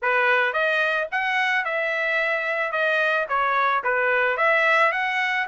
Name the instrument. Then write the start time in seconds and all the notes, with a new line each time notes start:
trumpet
0.02 B4
0.53 D#5
1.11 F#5
1.64 E5
2.71 D#5
3.28 C#5
3.83 B4
4.37 E5
4.92 F#5